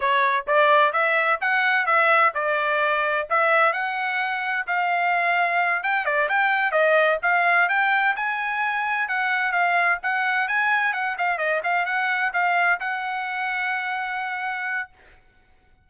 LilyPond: \new Staff \with { instrumentName = "trumpet" } { \time 4/4 \tempo 4 = 129 cis''4 d''4 e''4 fis''4 | e''4 d''2 e''4 | fis''2 f''2~ | f''8 g''8 d''8 g''4 dis''4 f''8~ |
f''8 g''4 gis''2 fis''8~ | fis''8 f''4 fis''4 gis''4 fis''8 | f''8 dis''8 f''8 fis''4 f''4 fis''8~ | fis''1 | }